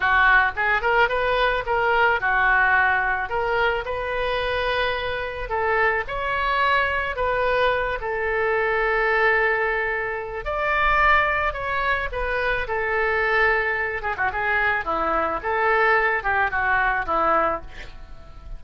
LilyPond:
\new Staff \with { instrumentName = "oboe" } { \time 4/4 \tempo 4 = 109 fis'4 gis'8 ais'8 b'4 ais'4 | fis'2 ais'4 b'4~ | b'2 a'4 cis''4~ | cis''4 b'4. a'4.~ |
a'2. d''4~ | d''4 cis''4 b'4 a'4~ | a'4. gis'16 fis'16 gis'4 e'4 | a'4. g'8 fis'4 e'4 | }